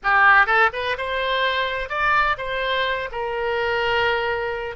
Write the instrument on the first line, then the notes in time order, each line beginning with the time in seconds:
oboe
0.03 G4
0.46 A4
0.73 B4
0.97 C5
1.89 D5
2.37 C5
3.11 A#4